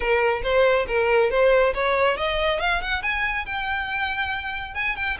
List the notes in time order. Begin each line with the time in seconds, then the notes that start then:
0.00 A#4
0.43 C5
0.87 A#4
1.30 C5
1.74 C#5
2.17 D#5
2.60 F5
2.81 F#5
3.02 G#5
3.45 G5
4.74 G#5
4.96 G5